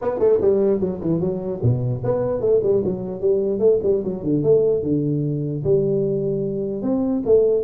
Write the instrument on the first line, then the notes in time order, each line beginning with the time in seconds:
tuba
0.01 B3
0.19 A3
0.41 G3
0.80 F#3
1.01 E3
1.20 F#3
1.62 B2
2.04 B3
2.41 A3
2.62 G3
2.84 F#3
3.20 G3
3.59 A3
3.83 G3
4.04 F#3
4.23 D3
4.43 A3
4.82 D3
5.64 G3
6.82 C4
7.25 A3